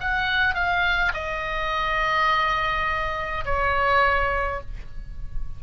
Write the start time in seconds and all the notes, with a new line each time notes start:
0.00 F#5
0.54 F5
1.13 D#5
3.45 C#5